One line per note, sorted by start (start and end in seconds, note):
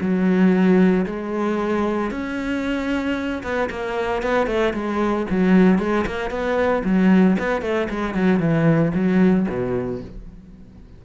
0.00 1.05 F#3
1.06 2.10 G#3
2.10 3.42 C#4
3.43 3.69 B3
3.70 4.22 A#3
4.22 4.46 B3
4.46 4.73 A3
4.73 5.26 G#3
5.30 5.78 F#3
5.78 6.05 G#3
6.06 6.30 A#3
6.30 6.83 B3
6.84 7.37 F#3
7.39 7.61 B3
7.61 7.88 A3
7.89 8.14 G#3
8.14 8.39 F#3
8.39 8.92 E3
8.94 9.46 F#3
9.48 10.01 B2